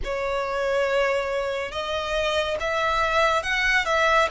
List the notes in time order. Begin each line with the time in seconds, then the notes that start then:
0.04 C#5
1.71 D#5
2.59 E5
3.42 F#5
3.85 E5